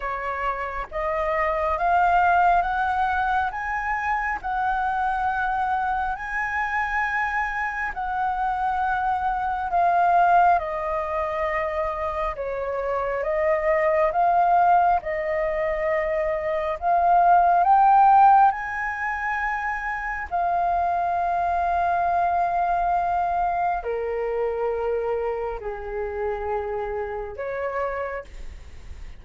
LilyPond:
\new Staff \with { instrumentName = "flute" } { \time 4/4 \tempo 4 = 68 cis''4 dis''4 f''4 fis''4 | gis''4 fis''2 gis''4~ | gis''4 fis''2 f''4 | dis''2 cis''4 dis''4 |
f''4 dis''2 f''4 | g''4 gis''2 f''4~ | f''2. ais'4~ | ais'4 gis'2 cis''4 | }